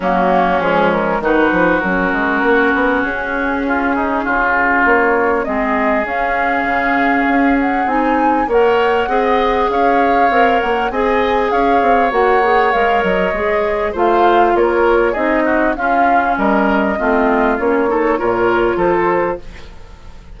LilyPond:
<<
  \new Staff \with { instrumentName = "flute" } { \time 4/4 \tempo 4 = 99 fis'4 gis'8 ais'8 b'4 ais'4~ | ais'4 gis'2. | cis''4 dis''4 f''2~ | f''8 fis''8 gis''4 fis''2 |
f''4. fis''8 gis''4 f''4 | fis''4 f''8 dis''4. f''4 | cis''4 dis''4 f''4 dis''4~ | dis''4 cis''2 c''4 | }
  \new Staff \with { instrumentName = "oboe" } { \time 4/4 cis'2 fis'2~ | fis'2 f'8 dis'8 f'4~ | f'4 gis'2.~ | gis'2 cis''4 dis''4 |
cis''2 dis''4 cis''4~ | cis''2. c''4 | ais'4 gis'8 fis'8 f'4 ais'4 | f'4. a'8 ais'4 a'4 | }
  \new Staff \with { instrumentName = "clarinet" } { \time 4/4 ais4 gis4 dis'4 cis'4~ | cis'1~ | cis'4 c'4 cis'2~ | cis'4 dis'4 ais'4 gis'4~ |
gis'4 ais'4 gis'2 | fis'8 gis'8 ais'4 gis'4 f'4~ | f'4 dis'4 cis'2 | c'4 cis'8 dis'8 f'2 | }
  \new Staff \with { instrumentName = "bassoon" } { \time 4/4 fis4 f4 dis8 f8 fis8 gis8 | ais8 b8 cis'2 cis4 | ais4 gis4 cis'4 cis4 | cis'4 c'4 ais4 c'4 |
cis'4 c'8 ais8 c'4 cis'8 c'8 | ais4 gis8 fis8 gis4 a4 | ais4 c'4 cis'4 g4 | a4 ais4 ais,4 f4 | }
>>